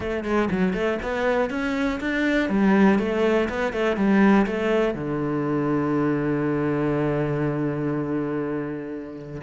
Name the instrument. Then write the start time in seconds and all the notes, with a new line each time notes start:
cello
0.00 A3
0.24 G#3
0.50 F#3
0.73 A3
1.02 B3
1.50 C#4
2.00 D4
2.49 G3
2.98 A3
3.49 B3
3.73 A3
3.96 G3
4.46 A3
4.94 D3